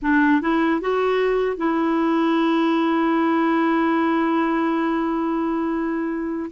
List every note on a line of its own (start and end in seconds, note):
0.02 0.41 D4
0.41 0.80 E4
0.81 1.56 F#4
1.56 6.50 E4